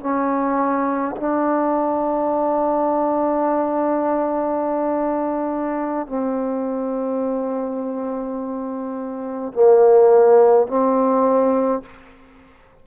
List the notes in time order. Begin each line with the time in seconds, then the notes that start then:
0.00 C#4
1.17 D4
6.07 C4
9.53 A#3
10.67 C4